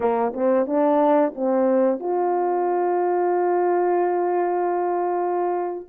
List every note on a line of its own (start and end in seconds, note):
0.00 0.32 A#3
0.33 0.66 C4
0.66 1.33 D4
1.35 1.99 C4
1.99 5.87 F4